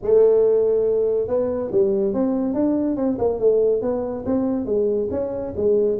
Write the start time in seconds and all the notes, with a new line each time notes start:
0.02 A3
1.27 B3
1.71 G3
2.13 C4
2.54 D4
2.96 C4
3.18 A#3
3.39 A3
3.81 B3
4.25 C4
4.65 G#3
5.11 C#4
5.56 G#3